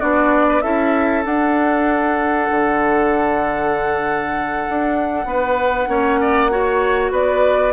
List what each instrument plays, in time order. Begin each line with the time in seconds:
0.00 bassoon B3, clarinet D4, oboe F#4, flute D5
0.49 oboe B4
0.61 bassoon C#4, clarinet E4, oboe A4, flute E5
1.25 clarinet D4, bassoon D4, flute F#5
2.51 bassoon D3
4.69 bassoon D4
5.25 bassoon B3, oboe B4
5.88 bassoon A#3, clarinet C#4, oboe C#5
6.21 oboe D5
6.51 clarinet F#4, oboe C#5
7.11 bassoon B3, oboe B4, flute D5